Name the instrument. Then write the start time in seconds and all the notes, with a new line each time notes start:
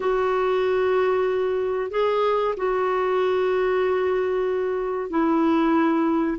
clarinet
0.00 F#4
1.90 G#4
2.56 F#4
5.10 E4